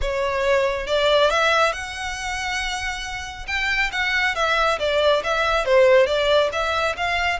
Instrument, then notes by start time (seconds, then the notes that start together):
violin
0.01 C#5
0.86 D5
1.30 E5
1.72 F#5
3.47 G5
3.92 F#5
4.35 E5
4.79 D5
5.23 E5
5.65 C5
6.06 D5
6.52 E5
6.97 F5